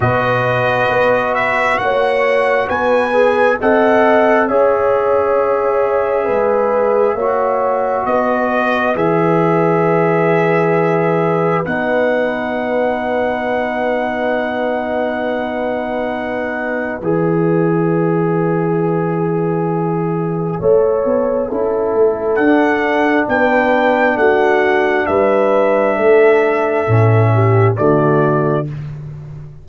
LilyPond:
<<
  \new Staff \with { instrumentName = "trumpet" } { \time 4/4 \tempo 4 = 67 dis''4. e''8 fis''4 gis''4 | fis''4 e''2.~ | e''4 dis''4 e''2~ | e''4 fis''2.~ |
fis''2. e''4~ | e''1~ | e''4 fis''4 g''4 fis''4 | e''2. d''4 | }
  \new Staff \with { instrumentName = "horn" } { \time 4/4 b'2 cis''4 b'4 | dis''4 cis''2 b'4 | cis''4 b'2.~ | b'1~ |
b'1~ | b'2. cis''4 | a'2 b'4 fis'4 | b'4 a'4. g'8 fis'4 | }
  \new Staff \with { instrumentName = "trombone" } { \time 4/4 fis'2.~ fis'8 gis'8 | a'4 gis'2. | fis'2 gis'2~ | gis'4 dis'2.~ |
dis'2. gis'4~ | gis'2. a'4 | e'4 d'2.~ | d'2 cis'4 a4 | }
  \new Staff \with { instrumentName = "tuba" } { \time 4/4 b,4 b4 ais4 b4 | c'4 cis'2 gis4 | ais4 b4 e2~ | e4 b2.~ |
b2. e4~ | e2. a8 b8 | cis'8 a8 d'4 b4 a4 | g4 a4 a,4 d4 | }
>>